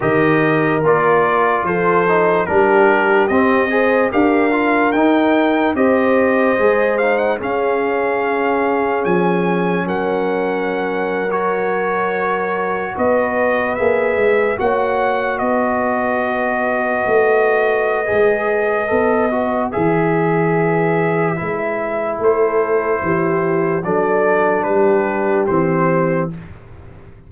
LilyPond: <<
  \new Staff \with { instrumentName = "trumpet" } { \time 4/4 \tempo 4 = 73 dis''4 d''4 c''4 ais'4 | dis''4 f''4 g''4 dis''4~ | dis''8 f''16 fis''16 f''2 gis''4 | fis''4.~ fis''16 cis''2 dis''16~ |
dis''8. e''4 fis''4 dis''4~ dis''16~ | dis''1 | e''2. c''4~ | c''4 d''4 b'4 c''4 | }
  \new Staff \with { instrumentName = "horn" } { \time 4/4 ais'2 a'4 g'4~ | g'8 c''8 ais'2 c''4~ | c''4 gis'2. | ais'2.~ ais'8. b'16~ |
b'4.~ b'16 cis''4 b'4~ b'16~ | b'1~ | b'2. a'4 | g'4 a'4 g'2 | }
  \new Staff \with { instrumentName = "trombone" } { \time 4/4 g'4 f'4. dis'8 d'4 | c'8 gis'8 g'8 f'8 dis'4 g'4 | gis'8 dis'8 cis'2.~ | cis'4.~ cis'16 fis'2~ fis'16~ |
fis'8. gis'4 fis'2~ fis'16~ | fis'2 gis'4 a'8 fis'8 | gis'2 e'2~ | e'4 d'2 c'4 | }
  \new Staff \with { instrumentName = "tuba" } { \time 4/4 dis4 ais4 f4 g4 | c'4 d'4 dis'4 c'4 | gis4 cis'2 f4 | fis2.~ fis8. b16~ |
b8. ais8 gis8 ais4 b4~ b16~ | b8. a4~ a16 gis4 b4 | e2 gis4 a4 | e4 fis4 g4 e4 | }
>>